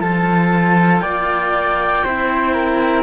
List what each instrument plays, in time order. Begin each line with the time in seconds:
0.00 cello F3 F4, flute A4, clarinet A5
0.99 cello A#3, flute D5, clarinet G5
2.04 cello C4 E4, flute C5
2.53 flute A#4